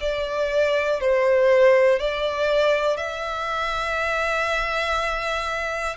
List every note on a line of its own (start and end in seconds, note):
0.00 1.00 D5
1.00 1.99 C5
1.99 2.97 D5
2.97 5.96 E5